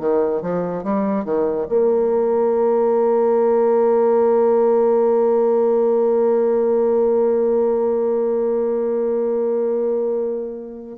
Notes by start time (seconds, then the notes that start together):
0.00 D#3
0.42 F3
0.84 G3
1.25 D#3
1.69 A#3